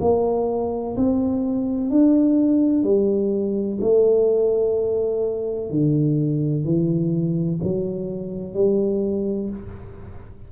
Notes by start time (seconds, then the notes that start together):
0.00 A#3
0.96 C4
1.90 D4
2.83 G3
3.81 A3
5.70 D3
6.64 E3
7.63 F#3
8.54 G3